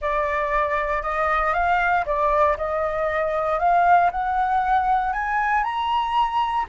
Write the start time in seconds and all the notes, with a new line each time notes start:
0.01 D5
1.02 D#5
1.53 F5
2.05 D5
2.57 D#5
3.59 F5
4.11 F#5
5.12 G#5
5.63 A#5